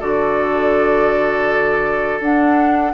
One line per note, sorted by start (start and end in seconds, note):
0.00 2.20 D3
0.00 2.20 F#4
0.00 2.93 A4
0.00 2.21 D5
2.20 2.93 D4
2.20 2.94 D4
2.20 2.94 F#5